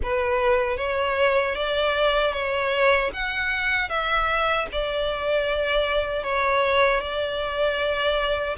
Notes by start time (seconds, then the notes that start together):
0.02 B4
0.77 C#5
1.55 D5
2.32 C#5
3.13 F#5
3.89 E5
4.71 D5
6.23 C#5
7.00 D5